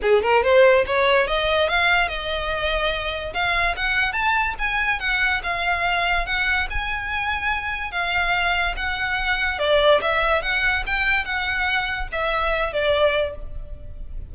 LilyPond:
\new Staff \with { instrumentName = "violin" } { \time 4/4 \tempo 4 = 144 gis'8 ais'8 c''4 cis''4 dis''4 | f''4 dis''2. | f''4 fis''4 a''4 gis''4 | fis''4 f''2 fis''4 |
gis''2. f''4~ | f''4 fis''2 d''4 | e''4 fis''4 g''4 fis''4~ | fis''4 e''4. d''4. | }